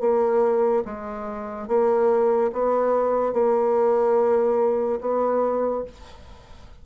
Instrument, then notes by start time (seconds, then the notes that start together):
bassoon
0.00 A#3
0.85 G#3
1.68 A#3
2.53 B3
3.33 A#3
5.01 B3